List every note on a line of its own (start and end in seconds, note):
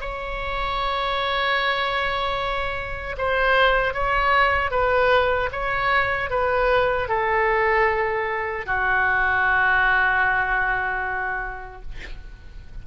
0.00 3.16 C#5
3.17 3.93 C5
3.93 4.70 C#5
4.70 5.49 B4
5.52 6.30 C#5
6.30 7.08 B4
7.08 8.66 A4
8.66 11.82 F#4